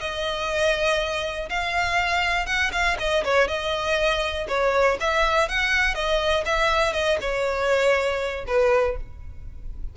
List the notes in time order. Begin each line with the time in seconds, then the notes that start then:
0.00 D#5
1.49 F5
2.46 F#5
2.72 F5
2.99 D#5
3.24 C#5
3.48 D#5
4.48 C#5
5.00 E5
5.48 F#5
5.94 D#5
6.45 E5
6.93 D#5
7.21 C#5
8.47 B4